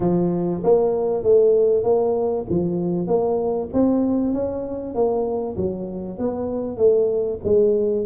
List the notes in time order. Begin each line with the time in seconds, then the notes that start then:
0.00 F3
0.63 A#3
1.23 A3
1.83 A#3
2.49 F3
3.07 A#3
3.73 C4
4.33 C#4
4.94 A#3
5.56 F#3
6.18 B3
6.77 A3
7.44 G#3